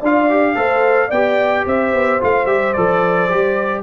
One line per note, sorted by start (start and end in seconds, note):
0.00 0.55 D4
0.00 0.29 F4
0.00 0.55 D5
0.00 1.11 F5
0.29 0.55 G4
0.55 1.10 A3
0.55 1.09 A4
0.55 1.07 C5
1.07 1.65 B3
1.07 1.62 D5
1.07 1.65 G5
1.14 2.20 G4
1.66 1.93 C4
1.66 3.83 C5
1.66 2.22 E5
1.93 2.20 B3
2.20 2.46 A3
2.20 2.46 F4
2.20 2.46 F5
2.46 2.73 G3
2.46 2.74 G4
2.46 2.73 E5
2.73 3.30 F3
2.73 3.29 A4
2.73 3.82 D5
3.29 3.83 G3
3.29 3.83 G4